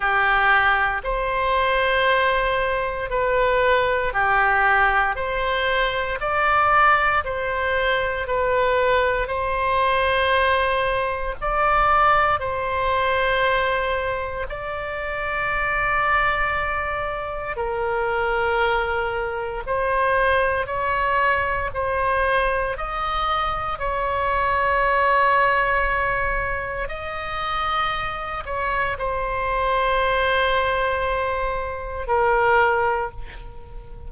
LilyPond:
\new Staff \with { instrumentName = "oboe" } { \time 4/4 \tempo 4 = 58 g'4 c''2 b'4 | g'4 c''4 d''4 c''4 | b'4 c''2 d''4 | c''2 d''2~ |
d''4 ais'2 c''4 | cis''4 c''4 dis''4 cis''4~ | cis''2 dis''4. cis''8 | c''2. ais'4 | }